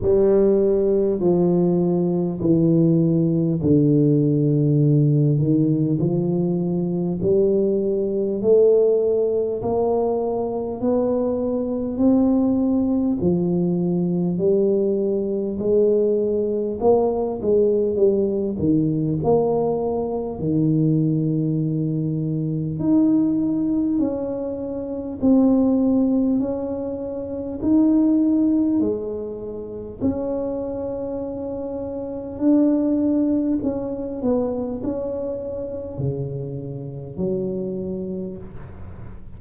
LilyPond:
\new Staff \with { instrumentName = "tuba" } { \time 4/4 \tempo 4 = 50 g4 f4 e4 d4~ | d8 dis8 f4 g4 a4 | ais4 b4 c'4 f4 | g4 gis4 ais8 gis8 g8 dis8 |
ais4 dis2 dis'4 | cis'4 c'4 cis'4 dis'4 | gis4 cis'2 d'4 | cis'8 b8 cis'4 cis4 fis4 | }